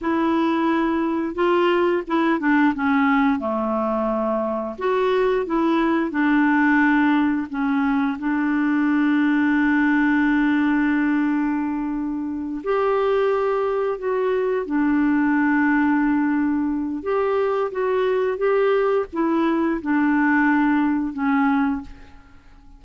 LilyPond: \new Staff \with { instrumentName = "clarinet" } { \time 4/4 \tempo 4 = 88 e'2 f'4 e'8 d'8 | cis'4 a2 fis'4 | e'4 d'2 cis'4 | d'1~ |
d'2~ d'8 g'4.~ | g'8 fis'4 d'2~ d'8~ | d'4 g'4 fis'4 g'4 | e'4 d'2 cis'4 | }